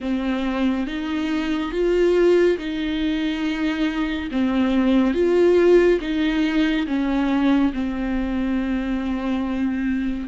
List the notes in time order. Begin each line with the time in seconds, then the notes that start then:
0.00 C4
0.86 D#4
1.71 F4
2.58 D#4
4.31 C4
5.14 F4
6.00 D#4
6.86 C#4
7.73 C4